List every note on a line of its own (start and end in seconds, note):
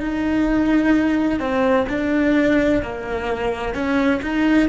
0.00 1.40 D#4
1.40 1.87 C4
1.89 2.82 D4
2.82 3.75 A#3
3.75 4.21 C#4
4.22 4.68 D#4